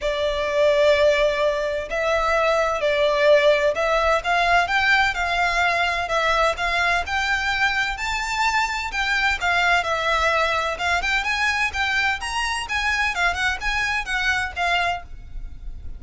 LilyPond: \new Staff \with { instrumentName = "violin" } { \time 4/4 \tempo 4 = 128 d''1 | e''2 d''2 | e''4 f''4 g''4 f''4~ | f''4 e''4 f''4 g''4~ |
g''4 a''2 g''4 | f''4 e''2 f''8 g''8 | gis''4 g''4 ais''4 gis''4 | f''8 fis''8 gis''4 fis''4 f''4 | }